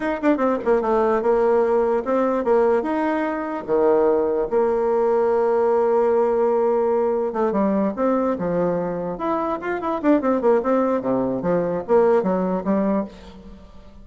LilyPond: \new Staff \with { instrumentName = "bassoon" } { \time 4/4 \tempo 4 = 147 dis'8 d'8 c'8 ais8 a4 ais4~ | ais4 c'4 ais4 dis'4~ | dis'4 dis2 ais4~ | ais1~ |
ais2 a8 g4 c'8~ | c'8 f2 e'4 f'8 | e'8 d'8 c'8 ais8 c'4 c4 | f4 ais4 fis4 g4 | }